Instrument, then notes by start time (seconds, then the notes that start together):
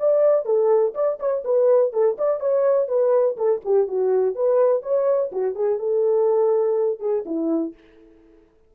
horn
0.00 D5
0.46 A4
0.95 D5
1.20 C#5
1.45 B4
1.93 A4
2.18 D5
2.40 C#5
2.88 B4
3.37 A4
3.65 G4
3.88 F#4
4.36 B4
4.83 C#5
5.32 F#4
5.55 G#4
5.79 A4
7.00 G#4
7.26 E4